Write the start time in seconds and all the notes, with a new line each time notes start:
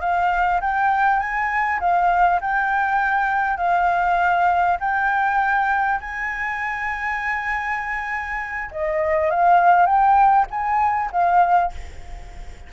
0.00 F5
0.60 G5
1.19 G#5
1.79 F5
2.40 G5
3.57 F5
4.80 G5
6.00 G#5
8.71 D#5
9.30 F5
9.86 G5
10.50 G#5
11.12 F5